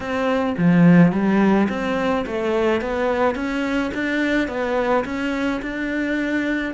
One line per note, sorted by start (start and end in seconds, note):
0.00 0.55 C4
0.57 1.11 F3
1.11 1.67 G3
1.69 2.25 C4
2.26 2.81 A3
2.81 3.35 B3
3.35 3.91 C#4
3.94 4.48 D4
4.48 5.04 B3
5.04 5.60 C#4
5.62 6.74 D4